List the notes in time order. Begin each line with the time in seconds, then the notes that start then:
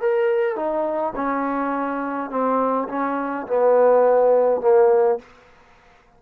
0.00 A#4
0.55 D#4
1.15 C#4
2.30 C4
2.88 C#4
3.47 B3
4.61 A#3